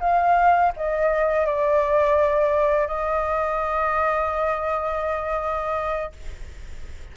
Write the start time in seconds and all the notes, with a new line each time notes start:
0.00 F5
0.76 D#5
1.46 D5
2.87 D#5